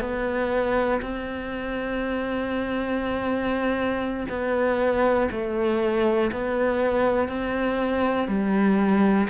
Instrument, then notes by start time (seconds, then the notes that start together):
cello
0.00 B3
1.01 C4
4.29 B3
5.31 A3
6.31 B3
7.28 C4
8.28 G3